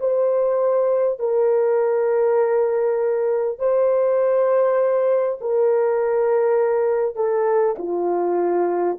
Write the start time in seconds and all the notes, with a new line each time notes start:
0.00 C5
1.19 A#4
3.59 C5
5.41 A#4
7.16 A4
7.79 F4